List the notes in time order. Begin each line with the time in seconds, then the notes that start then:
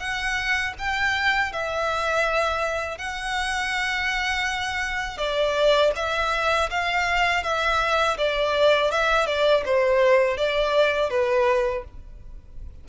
0.00 F#5
0.79 G5
1.53 E5
2.98 F#5
5.18 D5
5.96 E5
6.71 F5
7.43 E5
8.18 D5
8.92 E5
9.27 D5
9.66 C5
10.38 D5
11.10 B4